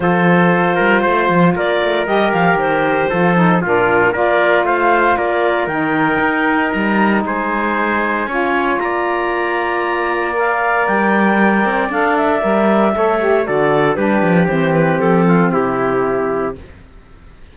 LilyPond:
<<
  \new Staff \with { instrumentName = "clarinet" } { \time 4/4 \tempo 4 = 116 c''2. d''4 | dis''8 f''8 c''2 ais'4 | d''4 f''4 d''4 g''4~ | g''4 ais''4 gis''2~ |
gis''4 ais''2. | f''4 g''2 f''8 e''8~ | e''2 d''4 b'4 | c''8 b'8 a'4 g'2 | }
  \new Staff \with { instrumentName = "trumpet" } { \time 4/4 a'4. ais'8 c''4 ais'4~ | ais'2 a'4 f'4 | ais'4 c''4 ais'2~ | ais'2 c''2 |
cis''4 d''2.~ | d''1~ | d''4 cis''4 a'4 g'4~ | g'4. f'8 e'2 | }
  \new Staff \with { instrumentName = "saxophone" } { \time 4/4 f'1 | g'2 f'8 dis'8 d'4 | f'2. dis'4~ | dis'1 |
f'1 | ais'2. a'4 | ais'4 a'8 g'8 fis'4 d'4 | c'1 | }
  \new Staff \with { instrumentName = "cello" } { \time 4/4 f4. g8 a8 f8 ais8 a8 | g8 f8 dis4 f4 ais,4 | ais4 a4 ais4 dis4 | dis'4 g4 gis2 |
cis'4 ais2.~ | ais4 g4. c'8 d'4 | g4 a4 d4 g8 f8 | e4 f4 c2 | }
>>